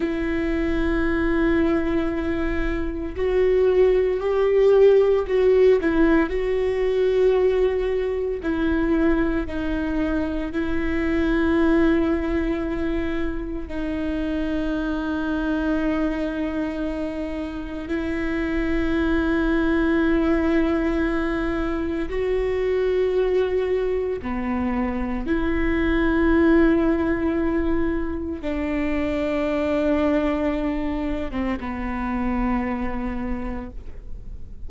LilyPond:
\new Staff \with { instrumentName = "viola" } { \time 4/4 \tempo 4 = 57 e'2. fis'4 | g'4 fis'8 e'8 fis'2 | e'4 dis'4 e'2~ | e'4 dis'2.~ |
dis'4 e'2.~ | e'4 fis'2 b4 | e'2. d'4~ | d'4.~ d'16 c'16 b2 | }